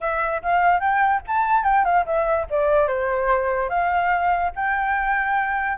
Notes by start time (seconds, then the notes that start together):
0.01 E5
0.42 F5
0.79 G5
1.27 A5
1.64 G5
1.84 F5
2.05 E5
2.50 D5
2.87 C5
3.69 F5
4.55 G5